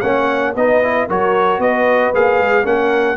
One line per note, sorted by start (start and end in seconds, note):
0.00 0.55 A#3
0.00 0.55 C#4
0.00 0.53 C#5
0.00 0.53 F#5
0.55 1.07 B3
0.55 0.83 D#4
0.55 1.07 B4
0.55 1.09 D#5
0.83 1.09 E4
1.07 1.59 F#3
1.07 2.14 F#4
1.07 1.60 A#4
1.07 1.60 C#5
1.59 2.11 B3
1.59 2.65 B4
1.59 2.13 D#5
2.14 2.39 A#3
2.14 2.63 G#4
2.14 2.66 F5
2.39 2.65 G#3
2.63 3.16 A#3
2.63 3.16 C#4
2.63 3.16 A#4
2.63 3.16 F#5